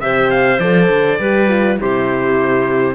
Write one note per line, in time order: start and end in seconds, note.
0.00 0.58 C3
0.00 0.60 G4
0.00 1.19 C5
0.00 0.30 E5
0.30 0.59 F5
0.58 0.88 F3
0.58 1.20 A4
0.58 1.78 D5
0.89 1.18 D3
1.19 1.78 G3
1.19 1.48 G4
1.19 1.79 B4
1.48 1.77 F4
1.77 2.95 C3
1.77 2.95 E4
1.77 2.95 G4
1.77 2.95 C5